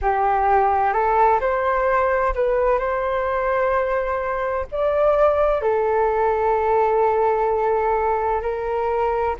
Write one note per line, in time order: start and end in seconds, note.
0.01 0.93 G4
0.93 1.40 A4
1.40 2.34 C5
2.34 2.79 B4
2.79 4.66 C5
4.71 5.61 D5
5.61 8.42 A4
8.42 9.35 A#4